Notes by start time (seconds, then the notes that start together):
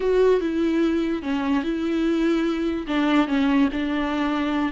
0.00 F#4
0.40 E4
1.22 C#4
1.63 E4
2.87 D4
3.27 C#4
3.72 D4